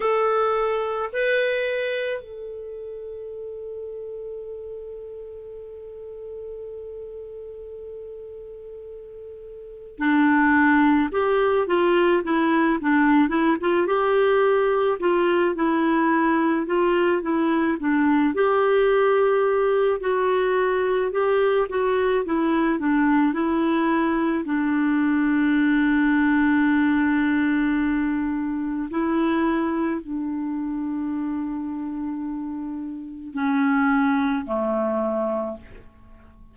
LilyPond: \new Staff \with { instrumentName = "clarinet" } { \time 4/4 \tempo 4 = 54 a'4 b'4 a'2~ | a'1~ | a'4 d'4 g'8 f'8 e'8 d'8 | e'16 f'16 g'4 f'8 e'4 f'8 e'8 |
d'8 g'4. fis'4 g'8 fis'8 | e'8 d'8 e'4 d'2~ | d'2 e'4 d'4~ | d'2 cis'4 a4 | }